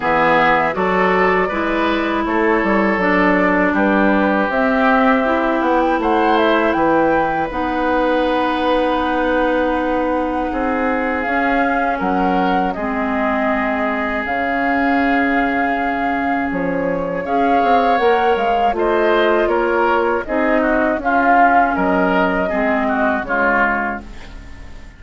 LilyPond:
<<
  \new Staff \with { instrumentName = "flute" } { \time 4/4 \tempo 4 = 80 e''4 d''2 cis''4 | d''4 b'4 e''4. fis''16 g''16 | fis''8 e''8 g''4 fis''2~ | fis''2. f''4 |
fis''4 dis''2 f''4~ | f''2 cis''4 f''4 | fis''8 f''8 dis''4 cis''4 dis''4 | f''4 dis''2 cis''4 | }
  \new Staff \with { instrumentName = "oboe" } { \time 4/4 gis'4 a'4 b'4 a'4~ | a'4 g'2. | c''4 b'2.~ | b'2 gis'2 |
ais'4 gis'2.~ | gis'2. cis''4~ | cis''4 c''4 ais'4 gis'8 fis'8 | f'4 ais'4 gis'8 fis'8 f'4 | }
  \new Staff \with { instrumentName = "clarinet" } { \time 4/4 b4 fis'4 e'2 | d'2 c'4 e'4~ | e'2 dis'2~ | dis'2. cis'4~ |
cis'4 c'2 cis'4~ | cis'2. gis'4 | ais'4 f'2 dis'4 | cis'2 c'4 gis4 | }
  \new Staff \with { instrumentName = "bassoon" } { \time 4/4 e4 fis4 gis4 a8 g8 | fis4 g4 c'4. b8 | a4 e4 b2~ | b2 c'4 cis'4 |
fis4 gis2 cis4~ | cis2 f4 cis'8 c'8 | ais8 gis8 a4 ais4 c'4 | cis'4 fis4 gis4 cis4 | }
>>